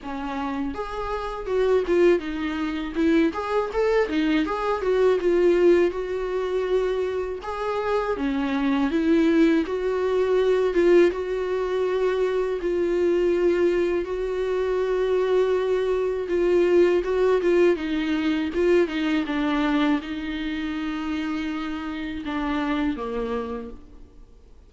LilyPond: \new Staff \with { instrumentName = "viola" } { \time 4/4 \tempo 4 = 81 cis'4 gis'4 fis'8 f'8 dis'4 | e'8 gis'8 a'8 dis'8 gis'8 fis'8 f'4 | fis'2 gis'4 cis'4 | e'4 fis'4. f'8 fis'4~ |
fis'4 f'2 fis'4~ | fis'2 f'4 fis'8 f'8 | dis'4 f'8 dis'8 d'4 dis'4~ | dis'2 d'4 ais4 | }